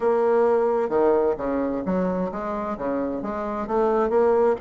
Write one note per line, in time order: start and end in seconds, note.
0.00 0.89 A#3
0.89 1.35 D#3
1.37 1.83 C#3
1.85 2.31 F#3
2.31 2.77 G#3
2.77 3.22 C#3
3.22 3.67 G#3
3.67 4.09 A3
4.09 4.55 A#3